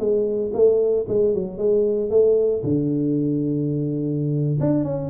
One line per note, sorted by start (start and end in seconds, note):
0.00 0.52 G#3
0.54 1.06 A3
1.09 1.34 G#3
1.34 1.58 F#3
1.58 2.11 G#3
2.11 2.63 A3
2.64 4.60 D3
4.61 4.85 D4
4.85 5.11 C#4